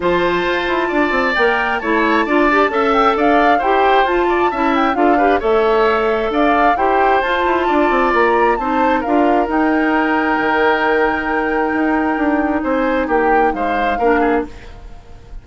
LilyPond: <<
  \new Staff \with { instrumentName = "flute" } { \time 4/4 \tempo 4 = 133 a''2. g''4 | a''2~ a''8 g''8 f''4 | g''4 a''4. g''8 f''4 | e''2 f''4 g''4 |
a''2 ais''4 a''4 | f''4 g''2.~ | g''1 | gis''4 g''4 f''2 | }
  \new Staff \with { instrumentName = "oboe" } { \time 4/4 c''2 d''2 | cis''4 d''4 e''4 d''4 | c''4. d''8 e''4 a'8 b'8 | cis''2 d''4 c''4~ |
c''4 d''2 c''4 | ais'1~ | ais'1 | c''4 g'4 c''4 ais'8 gis'8 | }
  \new Staff \with { instrumentName = "clarinet" } { \time 4/4 f'2. ais'4 | e'4 f'8 g'8 a'2 | g'4 f'4 e'4 f'8 g'8 | a'2. g'4 |
f'2. dis'4 | f'4 dis'2.~ | dis'1~ | dis'2. d'4 | }
  \new Staff \with { instrumentName = "bassoon" } { \time 4/4 f4 f'8 e'8 d'8 c'8 ais4 | a4 d'4 cis'4 d'4 | e'4 f'4 cis'4 d'4 | a2 d'4 e'4 |
f'8 e'8 d'8 c'8 ais4 c'4 | d'4 dis'2 dis4~ | dis2 dis'4 d'4 | c'4 ais4 gis4 ais4 | }
>>